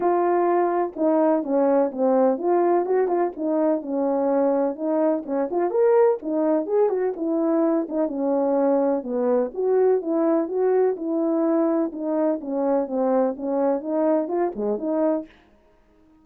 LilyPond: \new Staff \with { instrumentName = "horn" } { \time 4/4 \tempo 4 = 126 f'2 dis'4 cis'4 | c'4 f'4 fis'8 f'8 dis'4 | cis'2 dis'4 cis'8 f'8 | ais'4 dis'4 gis'8 fis'8 e'4~ |
e'8 dis'8 cis'2 b4 | fis'4 e'4 fis'4 e'4~ | e'4 dis'4 cis'4 c'4 | cis'4 dis'4 f'8 gis8 dis'4 | }